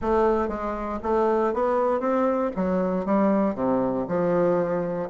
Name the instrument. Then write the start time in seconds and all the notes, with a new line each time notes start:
bassoon
0.01 A3
0.48 G#3
1.02 A3
1.53 B3
1.99 C4
2.56 F#3
3.05 G3
3.55 C3
4.08 F3